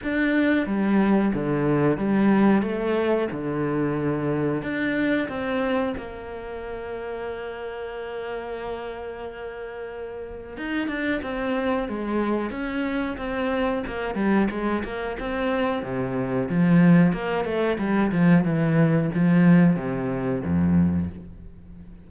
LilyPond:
\new Staff \with { instrumentName = "cello" } { \time 4/4 \tempo 4 = 91 d'4 g4 d4 g4 | a4 d2 d'4 | c'4 ais2.~ | ais1 |
dis'8 d'8 c'4 gis4 cis'4 | c'4 ais8 g8 gis8 ais8 c'4 | c4 f4 ais8 a8 g8 f8 | e4 f4 c4 f,4 | }